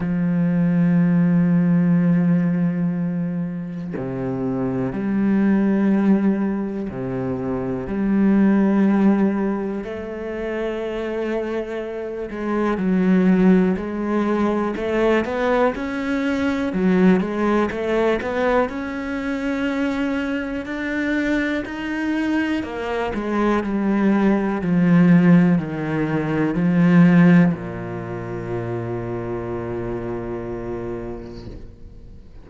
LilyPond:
\new Staff \with { instrumentName = "cello" } { \time 4/4 \tempo 4 = 61 f1 | c4 g2 c4 | g2 a2~ | a8 gis8 fis4 gis4 a8 b8 |
cis'4 fis8 gis8 a8 b8 cis'4~ | cis'4 d'4 dis'4 ais8 gis8 | g4 f4 dis4 f4 | ais,1 | }